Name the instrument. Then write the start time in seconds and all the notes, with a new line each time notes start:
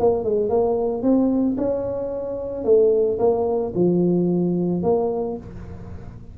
tuba
0.00 A#3
0.24 G#3
0.49 A#3
1.02 C4
1.57 C#4
2.65 A3
3.19 A#3
3.75 F3
4.83 A#3